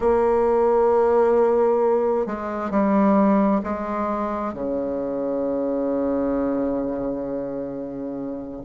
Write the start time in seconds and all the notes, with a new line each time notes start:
0.00 A#3
2.26 G#3
2.70 G3
3.63 G#3
4.53 C#3